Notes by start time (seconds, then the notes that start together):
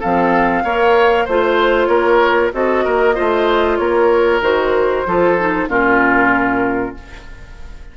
0.00 F3 C4 A4 F5
0.64 A#3 A#4 C#5
1.25 A3 F4 C5
1.86 A#3 A#4 C#5
2.52 C4 F#4 A4 D#5
2.85 A#3 A#4
3.15 A3 F4 C5
3.77 A#3 A#4 C#5
4.41 D#3 F#4 C5
5.06 F3 F4 A4
5.39 D#4
5.68 A#2 C#4 F4 A#4